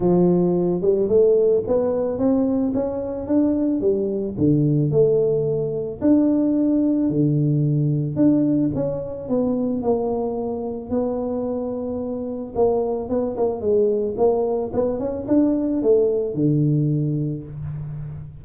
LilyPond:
\new Staff \with { instrumentName = "tuba" } { \time 4/4 \tempo 4 = 110 f4. g8 a4 b4 | c'4 cis'4 d'4 g4 | d4 a2 d'4~ | d'4 d2 d'4 |
cis'4 b4 ais2 | b2. ais4 | b8 ais8 gis4 ais4 b8 cis'8 | d'4 a4 d2 | }